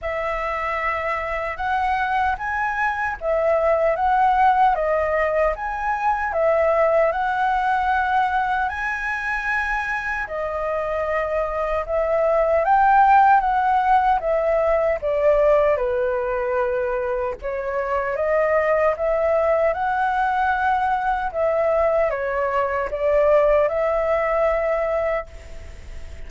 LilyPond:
\new Staff \with { instrumentName = "flute" } { \time 4/4 \tempo 4 = 76 e''2 fis''4 gis''4 | e''4 fis''4 dis''4 gis''4 | e''4 fis''2 gis''4~ | gis''4 dis''2 e''4 |
g''4 fis''4 e''4 d''4 | b'2 cis''4 dis''4 | e''4 fis''2 e''4 | cis''4 d''4 e''2 | }